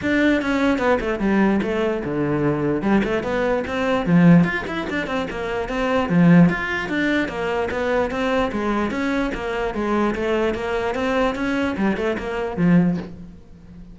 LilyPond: \new Staff \with { instrumentName = "cello" } { \time 4/4 \tempo 4 = 148 d'4 cis'4 b8 a8 g4 | a4 d2 g8 a8 | b4 c'4 f4 f'8 e'8 | d'8 c'8 ais4 c'4 f4 |
f'4 d'4 ais4 b4 | c'4 gis4 cis'4 ais4 | gis4 a4 ais4 c'4 | cis'4 g8 a8 ais4 f4 | }